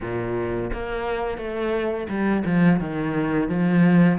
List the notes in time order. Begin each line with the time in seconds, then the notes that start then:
0.01 A#2
0.73 A#3
1.37 A3
2.08 G3
2.45 F3
2.79 D#3
3.49 F3